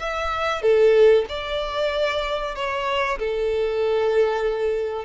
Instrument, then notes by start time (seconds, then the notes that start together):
violin
0.00 E5
0.62 A4
1.29 D5
2.56 C#5
3.19 A4